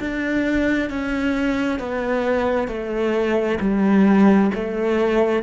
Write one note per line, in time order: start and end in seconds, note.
0.00 0.90 D4
0.90 1.79 C#4
1.79 2.68 B3
2.68 3.59 A3
3.60 4.51 G3
4.55 5.43 A3